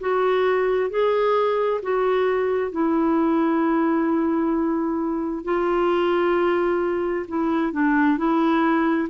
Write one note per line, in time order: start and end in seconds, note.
0.00 0.90 F#4
0.90 1.81 G#4
1.82 2.72 F#4
2.72 5.45 E4
5.45 7.26 F4
7.28 7.73 E4
7.73 8.18 D4
8.18 9.09 E4